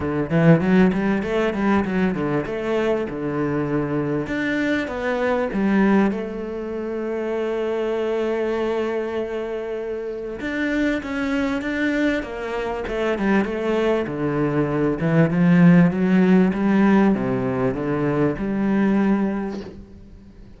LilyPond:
\new Staff \with { instrumentName = "cello" } { \time 4/4 \tempo 4 = 98 d8 e8 fis8 g8 a8 g8 fis8 d8 | a4 d2 d'4 | b4 g4 a2~ | a1~ |
a4 d'4 cis'4 d'4 | ais4 a8 g8 a4 d4~ | d8 e8 f4 fis4 g4 | c4 d4 g2 | }